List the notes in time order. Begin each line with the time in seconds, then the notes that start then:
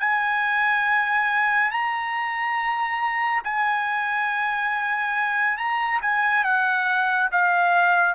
0.00 G#5
1.71 A#5
3.44 G#5
5.58 A#5
6.02 G#5
6.44 F#5
7.32 F5